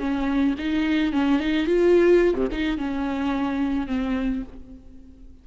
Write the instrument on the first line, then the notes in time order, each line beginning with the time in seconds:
viola
0.00 C#4
0.59 D#4
1.13 C#4
1.40 D#4
1.67 F4
2.35 C3
2.52 D#4
2.79 C#4
3.88 C4